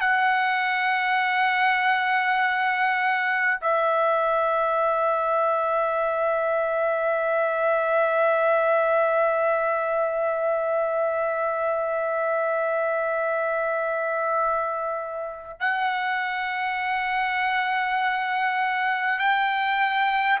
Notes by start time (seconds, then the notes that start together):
0.00 F#5
3.61 E5
15.59 F#5
19.18 G5